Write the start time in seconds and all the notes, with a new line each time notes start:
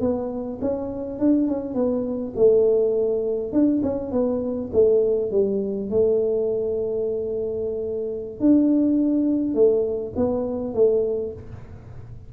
0.00 B3
0.61 C#4
1.19 D4
1.47 C#4
1.74 B3
2.35 A3
3.52 D4
3.82 C#4
4.11 B3
4.72 A3
5.31 G3
5.90 A3
8.40 D4
9.54 A3
10.16 B3
10.74 A3